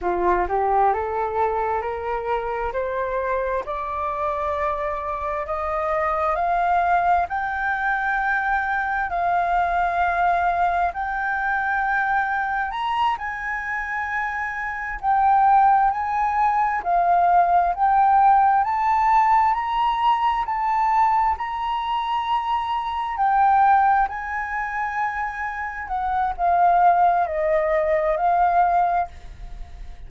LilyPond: \new Staff \with { instrumentName = "flute" } { \time 4/4 \tempo 4 = 66 f'8 g'8 a'4 ais'4 c''4 | d''2 dis''4 f''4 | g''2 f''2 | g''2 ais''8 gis''4.~ |
gis''8 g''4 gis''4 f''4 g''8~ | g''8 a''4 ais''4 a''4 ais''8~ | ais''4. g''4 gis''4.~ | gis''8 fis''8 f''4 dis''4 f''4 | }